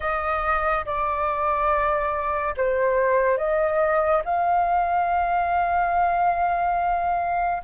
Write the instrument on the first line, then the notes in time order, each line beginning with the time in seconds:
flute
0.00 D#5
0.85 D5
2.56 C5
3.37 D#5
4.24 F5